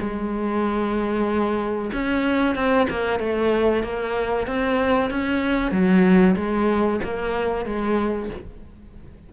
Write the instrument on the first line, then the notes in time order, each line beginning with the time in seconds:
cello
0.00 G#3
1.94 C#4
2.56 C4
2.90 A#3
3.20 A3
3.84 A#3
4.47 C4
5.10 C#4
5.72 F#3
6.37 G#3
7.04 A#3
7.66 G#3